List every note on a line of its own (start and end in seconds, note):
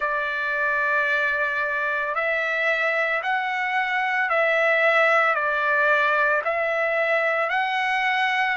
0.00 2.14 D5
2.14 3.21 E5
3.22 4.29 F#5
4.29 5.35 E5
5.35 6.42 D5
6.44 7.49 E5
7.49 8.56 F#5